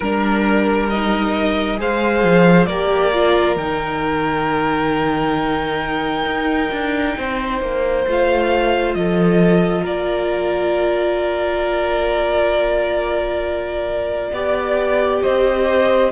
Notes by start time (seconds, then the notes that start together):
0.00 G3 D4 A#4
0.89 D#4 D#5
1.77 G#3 G#4 C5 F5
2.24 F3
2.65 A#3 G4 A#4 D5
3.13 F4
3.56 D#3 D#4 G5
6.25 D#4
6.71 D4
7.17 C4 C5
7.61 A#3
8.07 A3 F4 F5
8.94 F3 A4 D#5
9.82 A#3 A#4 D5
14.31 B3 G4 D5
15.22 C4 C5 D#5